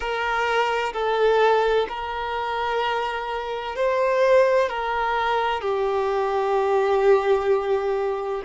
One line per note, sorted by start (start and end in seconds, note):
0.00 0.92 A#4
0.93 1.87 A4
1.88 3.75 A#4
3.75 4.69 C5
4.69 5.61 A#4
5.61 8.42 G4